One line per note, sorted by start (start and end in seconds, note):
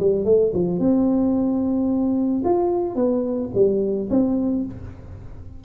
0.00 0.25 G3
0.25 0.52 A3
0.54 0.80 F3
0.80 2.43 C4
2.45 2.96 F4
2.96 3.50 B3
3.55 4.09 G3
4.10 4.65 C4